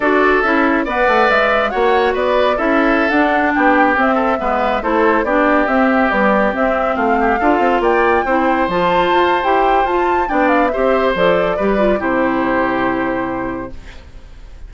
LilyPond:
<<
  \new Staff \with { instrumentName = "flute" } { \time 4/4 \tempo 4 = 140 d''4 e''4 fis''4 e''4 | fis''4 d''4 e''4~ e''16 fis''8.~ | fis''16 g''4 e''2 c''8.~ | c''16 d''4 e''4 d''4 e''8.~ |
e''16 f''2 g''4.~ g''16~ | g''16 a''4.~ a''16 g''4 a''4 | g''8 f''8 e''4 d''2 | c''1 | }
  \new Staff \with { instrumentName = "oboe" } { \time 4/4 a'2 d''2 | cis''4 b'4 a'2~ | a'16 g'4. a'8 b'4 a'8.~ | a'16 g'2.~ g'8.~ |
g'16 f'8 g'8 a'4 d''4 c''8.~ | c''1 | d''4 c''2 b'4 | g'1 | }
  \new Staff \with { instrumentName = "clarinet" } { \time 4/4 fis'4 e'4 b'2 | fis'2 e'4~ e'16 d'8.~ | d'4~ d'16 c'4 b4 e'8.~ | e'16 d'4 c'4 g4 c'8.~ |
c'4~ c'16 f'2 e'8.~ | e'16 f'4.~ f'16 g'4 f'4 | d'4 g'4 a'4 g'8 f'8 | e'1 | }
  \new Staff \with { instrumentName = "bassoon" } { \time 4/4 d'4 cis'4 b8 a8 gis4 | ais4 b4 cis'4~ cis'16 d'8.~ | d'16 b4 c'4 gis4 a8.~ | a16 b4 c'4 b4 c'8.~ |
c'16 a4 d'8 c'8 ais4 c'8.~ | c'16 f4 f'8. e'4 f'4 | b4 c'4 f4 g4 | c1 | }
>>